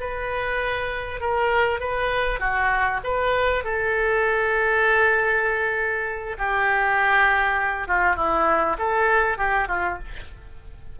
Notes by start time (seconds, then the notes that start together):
0.00 B4
1.20 A#4
1.80 B4
2.40 F#4
3.03 B4
3.64 A4
6.38 G4
7.88 F4
8.16 E4
8.79 A4
9.37 G4
9.68 F4